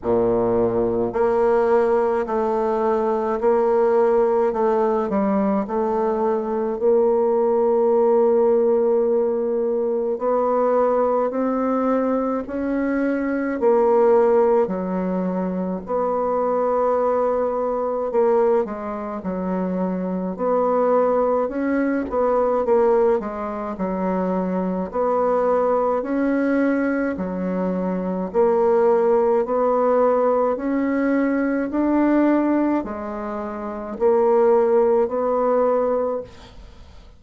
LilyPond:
\new Staff \with { instrumentName = "bassoon" } { \time 4/4 \tempo 4 = 53 ais,4 ais4 a4 ais4 | a8 g8 a4 ais2~ | ais4 b4 c'4 cis'4 | ais4 fis4 b2 |
ais8 gis8 fis4 b4 cis'8 b8 | ais8 gis8 fis4 b4 cis'4 | fis4 ais4 b4 cis'4 | d'4 gis4 ais4 b4 | }